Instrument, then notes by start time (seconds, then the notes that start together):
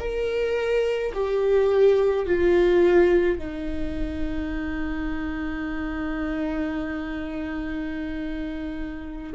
viola
0.00 A#4
1.14 G4
2.26 F4
3.39 D#4